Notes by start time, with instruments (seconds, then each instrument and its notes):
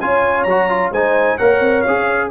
0.00 tuba C#4, trombone F4, horn C#5, trumpet G#5
0.44 tuba F#3, trombone F#4, trumpet A#5
0.69 trombone F4
0.91 tuba G#3, trombone D#4, horn C5, trumpet G#5
1.37 tuba A#3, trombone A#4, horn C#5, trumpet F#5
1.61 tuba C4
1.82 tuba C#4, trombone G#4, trumpet F5